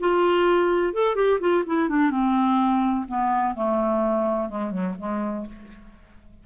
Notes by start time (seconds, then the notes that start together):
0.00 F4
0.94 A4
1.16 G4
1.40 F4
1.66 E4
1.89 D4
2.11 C4
3.08 B3
3.55 A3
4.49 G#3
4.71 F#3
4.99 G#3